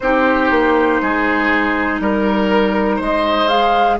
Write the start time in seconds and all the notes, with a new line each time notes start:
0.00 C4 D#4 G4 C5
0.50 A#3
1.01 G#3 G#4
2.00 G3 A#4
2.95 G#3 C5
3.03 D#5
3.48 G#4 F5